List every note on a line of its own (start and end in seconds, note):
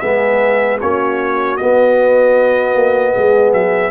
0.00 0.82 G#3
0.00 0.80 B3
0.00 0.79 G#4
0.00 0.78 E5
0.81 1.60 A#3
0.81 1.59 C#4
0.81 3.13 F#4
0.81 1.57 C#5
1.57 3.91 B3
1.57 2.75 B3
1.57 3.52 D#5
2.75 3.14 A#3
3.13 3.53 G#3
3.13 3.91 G#4
3.53 3.91 F#3
3.53 3.91 E5